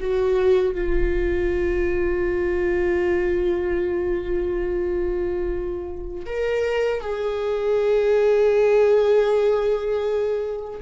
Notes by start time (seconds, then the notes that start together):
0.00 F#4
0.75 F4
6.26 A#4
7.00 G#4